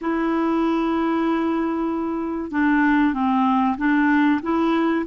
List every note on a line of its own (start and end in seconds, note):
0.01 2.51 E4
2.51 3.13 D4
3.13 3.76 C4
3.77 4.40 D4
4.42 5.05 E4